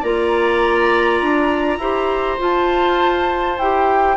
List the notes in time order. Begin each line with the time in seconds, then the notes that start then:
0.00 A#3 F4 D5 A#5
1.21 D4
1.78 E4 G4 C5
2.38 F4 A5
3.58 E4 G4 G5